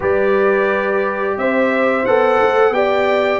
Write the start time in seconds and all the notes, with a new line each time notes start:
0.00 G3 G4 B4 D5
1.37 C4 C5 E5
2.05 B3 A4 F#5
2.40 A3
2.70 B3 G4 D5 G5